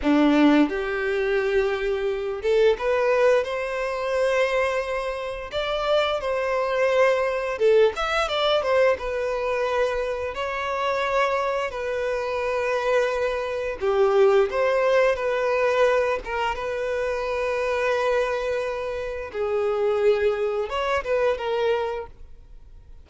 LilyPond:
\new Staff \with { instrumentName = "violin" } { \time 4/4 \tempo 4 = 87 d'4 g'2~ g'8 a'8 | b'4 c''2. | d''4 c''2 a'8 e''8 | d''8 c''8 b'2 cis''4~ |
cis''4 b'2. | g'4 c''4 b'4. ais'8 | b'1 | gis'2 cis''8 b'8 ais'4 | }